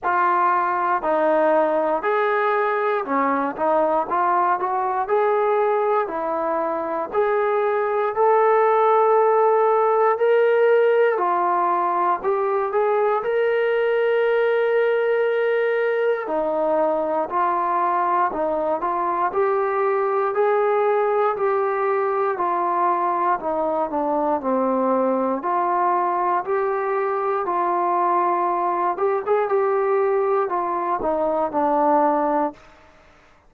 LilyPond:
\new Staff \with { instrumentName = "trombone" } { \time 4/4 \tempo 4 = 59 f'4 dis'4 gis'4 cis'8 dis'8 | f'8 fis'8 gis'4 e'4 gis'4 | a'2 ais'4 f'4 | g'8 gis'8 ais'2. |
dis'4 f'4 dis'8 f'8 g'4 | gis'4 g'4 f'4 dis'8 d'8 | c'4 f'4 g'4 f'4~ | f'8 g'16 gis'16 g'4 f'8 dis'8 d'4 | }